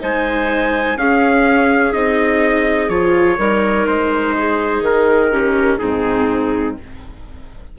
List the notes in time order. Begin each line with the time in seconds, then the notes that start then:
0.00 G#3 D#4 C5 G#5
0.96 C#4 G#4 F5
1.93 C4 D#4 D#5
2.89 F3 F4 C#5
3.37 G3 D#4 A#4
3.86 G#3 C5
4.37 G#4
4.80 D#3 A#4
5.31 C#4 G4
5.78 G#2 C4 D#4 G#4